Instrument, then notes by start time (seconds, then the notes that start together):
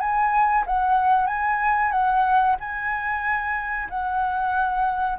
flute
0.00 G#5
0.67 F#5
1.27 G#5
1.92 F#5
2.60 G#5
3.90 F#5